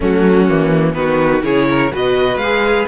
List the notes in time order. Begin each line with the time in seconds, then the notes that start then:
0.00 F#3 A3 C#4 F#4
0.48 E3 A#3
0.93 D#3 B3 F#4 B4
1.42 C#3 E4 G#4 C#5
1.69 A#4
1.92 B2 F#4 B4 D#5
2.36 G#3 F5
2.43 G#4